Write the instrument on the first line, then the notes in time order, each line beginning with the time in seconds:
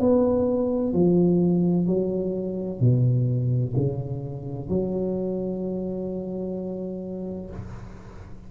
tuba
0.00 B3
0.94 F3
1.87 F#3
2.80 B2
3.77 C#3
4.69 F#3